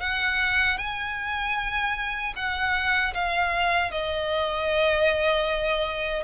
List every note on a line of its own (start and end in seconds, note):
0.00 0.78 F#5
0.78 2.33 G#5
2.36 3.13 F#5
3.14 3.91 F5
3.91 6.23 D#5